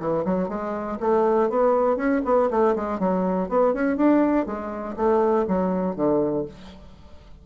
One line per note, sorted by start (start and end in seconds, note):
0.00 0.25 E3
0.25 0.49 F#3
0.49 0.98 G#3
1.00 1.50 A3
1.50 1.97 B3
1.97 2.22 C#4
2.25 2.50 B3
2.51 2.76 A3
2.76 3.00 G#3
3.00 3.49 F#3
3.49 3.74 B3
3.74 3.97 C#4
3.97 4.46 D4
4.46 4.96 G#3
4.97 5.46 A3
5.48 5.96 F#3
5.96 6.46 D3